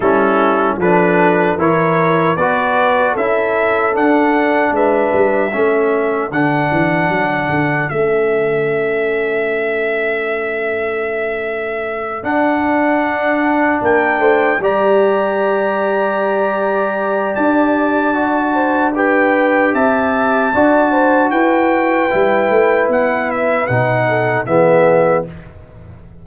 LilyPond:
<<
  \new Staff \with { instrumentName = "trumpet" } { \time 4/4 \tempo 4 = 76 a'4 b'4 cis''4 d''4 | e''4 fis''4 e''2 | fis''2 e''2~ | e''2.~ e''8 fis''8~ |
fis''4. g''4 ais''4.~ | ais''2 a''2 | g''4 a''2 g''4~ | g''4 fis''8 e''8 fis''4 e''4 | }
  \new Staff \with { instrumentName = "horn" } { \time 4/4 e'4 a'4 ais'4 b'4 | a'2 b'4 a'4~ | a'1~ | a'1~ |
a'4. ais'8 c''8 d''4.~ | d''2.~ d''8 c''8 | b'4 e''4 d''8 c''8 b'4~ | b'2~ b'8 a'8 gis'4 | }
  \new Staff \with { instrumentName = "trombone" } { \time 4/4 cis'4 d'4 e'4 fis'4 | e'4 d'2 cis'4 | d'2 cis'2~ | cis'2.~ cis'8 d'8~ |
d'2~ d'8 g'4.~ | g'2. fis'4 | g'2 fis'2 | e'2 dis'4 b4 | }
  \new Staff \with { instrumentName = "tuba" } { \time 4/4 g4 f4 e4 b4 | cis'4 d'4 gis8 g8 a4 | d8 e8 fis8 d8 a2~ | a2.~ a8 d'8~ |
d'4. ais8 a8 g4.~ | g2 d'2~ | d'4 c'4 d'4 e'4 | g8 a8 b4 b,4 e4 | }
>>